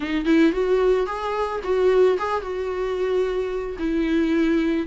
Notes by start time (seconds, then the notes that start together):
0.00 D#4
0.25 E4
0.52 F#4
1.06 G#4
1.63 F#4
2.18 G#4
2.41 F#4
3.78 E4